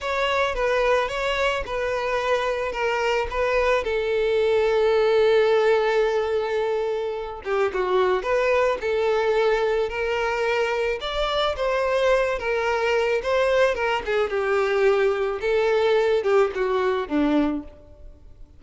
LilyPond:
\new Staff \with { instrumentName = "violin" } { \time 4/4 \tempo 4 = 109 cis''4 b'4 cis''4 b'4~ | b'4 ais'4 b'4 a'4~ | a'1~ | a'4. g'8 fis'4 b'4 |
a'2 ais'2 | d''4 c''4. ais'4. | c''4 ais'8 gis'8 g'2 | a'4. g'8 fis'4 d'4 | }